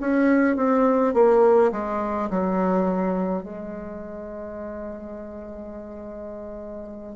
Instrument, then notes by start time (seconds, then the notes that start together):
bassoon
0.00 C#4
0.56 C4
1.13 A#3
1.72 G#3
2.30 F#3
3.42 G#3